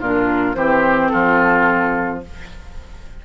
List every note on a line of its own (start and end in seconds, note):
0.00 0.56 A#2
0.00 0.56 D4
0.00 0.56 F4
0.00 0.56 A#4
0.56 1.12 E3
0.56 2.24 C4
0.56 1.12 G4
0.56 1.08 C5
1.08 2.25 F3
1.08 2.24 F4
1.08 2.21 A4